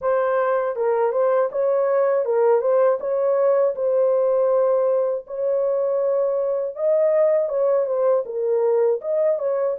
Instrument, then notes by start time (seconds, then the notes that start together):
horn
0.01 C5
0.76 A#4
1.11 C5
1.51 C#5
2.25 A#4
2.61 C5
3.00 C#5
3.75 C5
5.26 C#5
6.75 D#5
7.49 C#5
7.86 C5
8.25 A#4
9.01 D#5
9.39 C#5